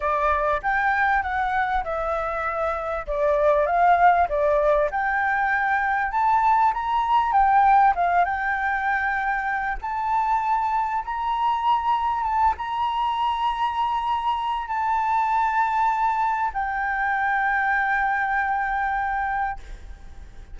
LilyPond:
\new Staff \with { instrumentName = "flute" } { \time 4/4 \tempo 4 = 98 d''4 g''4 fis''4 e''4~ | e''4 d''4 f''4 d''4 | g''2 a''4 ais''4 | g''4 f''8 g''2~ g''8 |
a''2 ais''2 | a''8 ais''2.~ ais''8 | a''2. g''4~ | g''1 | }